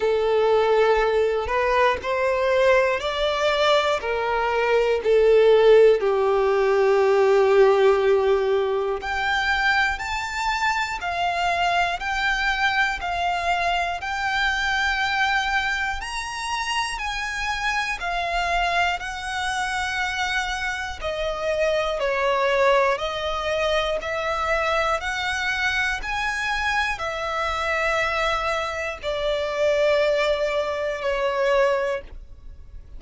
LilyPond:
\new Staff \with { instrumentName = "violin" } { \time 4/4 \tempo 4 = 60 a'4. b'8 c''4 d''4 | ais'4 a'4 g'2~ | g'4 g''4 a''4 f''4 | g''4 f''4 g''2 |
ais''4 gis''4 f''4 fis''4~ | fis''4 dis''4 cis''4 dis''4 | e''4 fis''4 gis''4 e''4~ | e''4 d''2 cis''4 | }